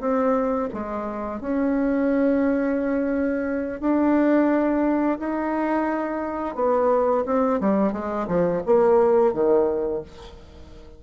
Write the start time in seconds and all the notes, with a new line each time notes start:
0.00 C4
0.74 G#3
1.40 C#4
3.81 D4
5.19 D#4
6.55 B3
7.26 C4
7.61 G3
7.93 G#3
8.28 F3
8.66 A#3
9.34 D#3